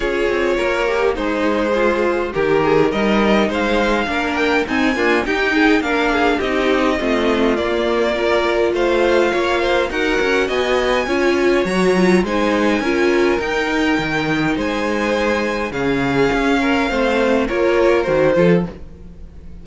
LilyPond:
<<
  \new Staff \with { instrumentName = "violin" } { \time 4/4 \tempo 4 = 103 cis''2 c''2 | ais'4 dis''4 f''4. g''8 | gis''4 g''4 f''4 dis''4~ | dis''4 d''2 f''4~ |
f''4 fis''4 gis''2 | ais''4 gis''2 g''4~ | g''4 gis''2 f''4~ | f''2 cis''4 c''4 | }
  \new Staff \with { instrumentName = "violin" } { \time 4/4 gis'4 ais'4 dis'4 f'4 | g'8 gis'8 ais'4 c''4 ais'4 | dis'8 f'8 g'8 gis'8 ais'8 gis'8 g'4 | f'2 ais'4 c''4 |
cis''8 c''8 ais'4 dis''4 cis''4~ | cis''4 c''4 ais'2~ | ais'4 c''2 gis'4~ | gis'8 ais'8 c''4 ais'4. a'8 | }
  \new Staff \with { instrumentName = "viola" } { \time 4/4 f'4. g'8 gis'2 | g'4 dis'2 d'4 | c'8 ais8 dis'4 d'4 dis'4 | c'4 ais4 f'2~ |
f'4 fis'2 f'4 | fis'8 f'8 dis'4 f'4 dis'4~ | dis'2. cis'4~ | cis'4 c'4 f'4 fis'8 f'8 | }
  \new Staff \with { instrumentName = "cello" } { \time 4/4 cis'8 c'8 ais4 gis2 | dis4 g4 gis4 ais4 | c'8 d'8 dis'4 ais4 c'4 | a4 ais2 a4 |
ais4 dis'8 cis'8 b4 cis'4 | fis4 gis4 cis'4 dis'4 | dis4 gis2 cis4 | cis'4 a4 ais4 dis8 f8 | }
>>